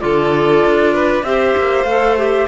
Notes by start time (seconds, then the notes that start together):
0.00 D3 F4 A4 D5
0.65 D4
0.94 B4
1.23 C4 G4 C5 E5
1.57 A#3
1.84 A3 A4 F5
2.17 G4 E5